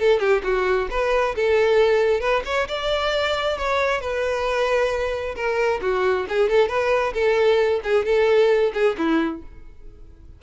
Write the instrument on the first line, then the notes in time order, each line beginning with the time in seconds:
violin
0.00 A4
0.20 G4
0.44 F#4
0.91 B4
1.36 A4
2.21 B4
2.45 C#5
2.68 D5
3.58 C#5
4.01 B4
5.36 A#4
5.82 F#4
6.29 G#4
6.50 A4
6.69 B4
7.14 A4
7.84 G#4
8.05 A4
8.74 G#4
8.98 E4